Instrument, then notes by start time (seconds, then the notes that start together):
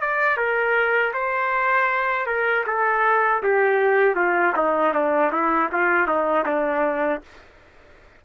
trumpet
0.00 D5
0.37 A#4
1.13 C5
2.26 A#4
2.66 A4
3.42 G4
4.15 F4
4.56 D#4
4.93 D4
5.32 E4
5.72 F4
6.07 D#4
6.45 D4